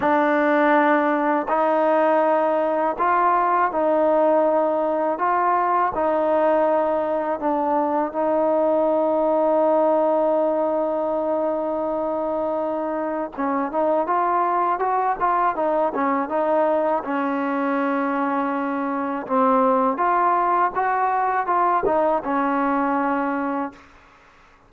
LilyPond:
\new Staff \with { instrumentName = "trombone" } { \time 4/4 \tempo 4 = 81 d'2 dis'2 | f'4 dis'2 f'4 | dis'2 d'4 dis'4~ | dis'1~ |
dis'2 cis'8 dis'8 f'4 | fis'8 f'8 dis'8 cis'8 dis'4 cis'4~ | cis'2 c'4 f'4 | fis'4 f'8 dis'8 cis'2 | }